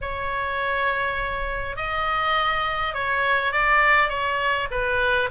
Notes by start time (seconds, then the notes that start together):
0.01 C#5
1.76 D#5
2.94 C#5
3.52 D5
4.09 C#5
4.70 B4